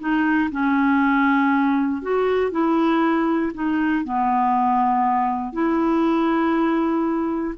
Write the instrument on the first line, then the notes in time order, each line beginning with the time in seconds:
clarinet
0.00 D#4
0.51 C#4
2.02 F#4
2.52 E4
3.54 D#4
4.05 B3
5.53 E4